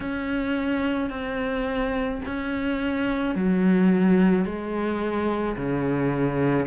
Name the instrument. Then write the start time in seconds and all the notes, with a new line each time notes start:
cello
0.00 C#4
1.10 C4
2.25 C#4
3.35 F#3
4.44 G#3
5.56 C#3